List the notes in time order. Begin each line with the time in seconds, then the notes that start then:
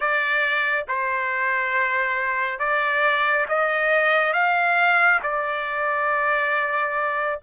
0.00 D5
0.88 C5
2.59 D5
3.48 D#5
4.33 F5
5.22 D5